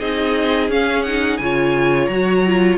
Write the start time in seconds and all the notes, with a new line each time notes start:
0.00 C4 D#4 G#4 D#5
0.69 C#4 F5
1.03 D#4 F#5
1.38 C#3 F4 C#5 G#5
2.07 F#3 F#4 A#5
2.46 F4